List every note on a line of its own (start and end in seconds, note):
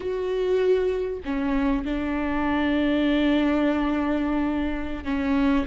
0.00 1.20 F#4
1.24 1.84 C#4
1.84 5.04 D4
5.04 5.65 C#4